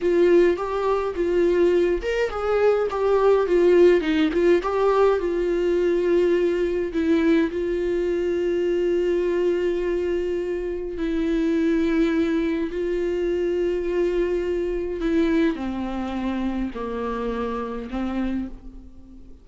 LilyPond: \new Staff \with { instrumentName = "viola" } { \time 4/4 \tempo 4 = 104 f'4 g'4 f'4. ais'8 | gis'4 g'4 f'4 dis'8 f'8 | g'4 f'2. | e'4 f'2.~ |
f'2. e'4~ | e'2 f'2~ | f'2 e'4 c'4~ | c'4 ais2 c'4 | }